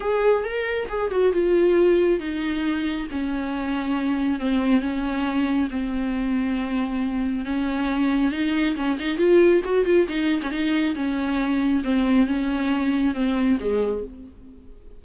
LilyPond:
\new Staff \with { instrumentName = "viola" } { \time 4/4 \tempo 4 = 137 gis'4 ais'4 gis'8 fis'8 f'4~ | f'4 dis'2 cis'4~ | cis'2 c'4 cis'4~ | cis'4 c'2.~ |
c'4 cis'2 dis'4 | cis'8 dis'8 f'4 fis'8 f'8 dis'8. cis'16 | dis'4 cis'2 c'4 | cis'2 c'4 gis4 | }